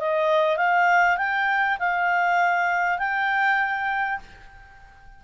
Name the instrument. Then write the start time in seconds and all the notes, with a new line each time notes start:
clarinet
0.00 D#5
0.57 F5
1.18 G5
1.80 F5
2.99 G5